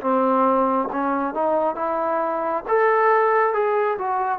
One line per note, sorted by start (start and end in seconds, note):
0.00 0.88 C4
0.92 1.34 C#4
1.34 1.75 D#4
1.75 2.64 E4
2.68 3.53 A4
3.53 3.97 G#4
3.98 4.38 F#4